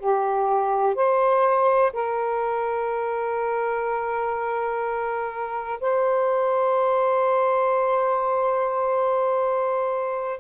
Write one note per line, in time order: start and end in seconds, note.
0.00 0.96 G4
0.96 1.93 C5
1.93 5.80 A#4
5.81 10.40 C5